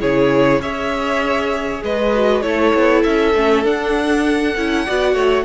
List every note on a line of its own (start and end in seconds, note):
0.00 0.60 C#3
0.00 0.61 E4
0.00 0.61 G#4
0.00 0.61 C#5
0.60 1.81 C#4
0.60 2.12 G#4
0.60 1.83 C#5
0.60 1.83 E5
1.83 2.43 G#3
1.83 2.43 B4
1.83 2.42 D#5
2.13 2.42 F#4
2.42 2.73 A3
2.42 3.33 E4
2.42 4.85 A4
2.42 3.02 C#5
2.74 3.04 B3
3.03 3.35 C#4
3.03 3.64 E5
3.35 3.64 A3
3.35 3.65 C#4
3.64 4.55 D4
3.64 4.56 D4
3.64 5.45 F#5
4.56 4.87 C#4
4.56 4.86 E4
4.85 5.14 B3
4.85 5.45 F#4
4.85 5.14 D5
5.14 5.44 A3
5.14 5.44 C#5